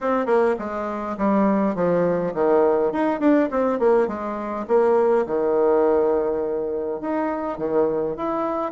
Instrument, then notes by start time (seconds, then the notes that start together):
bassoon
0.00 C4
0.26 A#3
0.58 G#3
1.17 G3
1.75 F3
2.34 D#3
2.92 D#4
3.20 D4
3.50 C4
3.79 A#3
4.07 G#3
4.67 A#3
5.26 D#3
7.00 D#4
7.58 D#3
8.16 E4